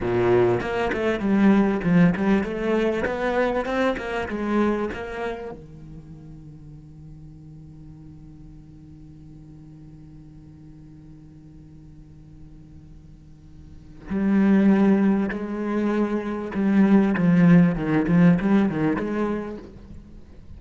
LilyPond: \new Staff \with { instrumentName = "cello" } { \time 4/4 \tempo 4 = 98 ais,4 ais8 a8 g4 f8 g8 | a4 b4 c'8 ais8 gis4 | ais4 dis2.~ | dis1~ |
dis1~ | dis2. g4~ | g4 gis2 g4 | f4 dis8 f8 g8 dis8 gis4 | }